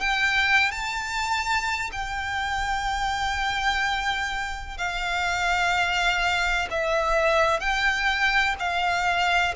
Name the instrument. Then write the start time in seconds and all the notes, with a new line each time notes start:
violin
0.00 G5
0.71 A5
1.92 G5
4.77 F5
6.70 E5
7.60 G5
8.59 F5